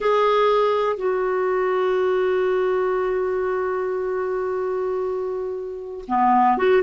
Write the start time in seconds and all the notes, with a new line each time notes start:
0.00 G#4
0.96 F#4
6.07 B3
6.57 F#4